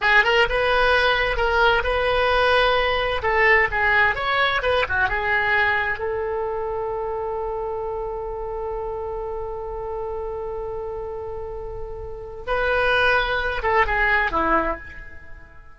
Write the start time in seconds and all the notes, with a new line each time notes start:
0.01 G#4
0.24 A#4
0.49 B4
1.36 A#4
1.83 B4
3.22 A4
3.71 G#4
4.15 C#5
4.62 B4
4.88 F#4
5.09 G#4
5.98 A4
12.46 B4
13.63 A4
13.86 G#4
14.31 E4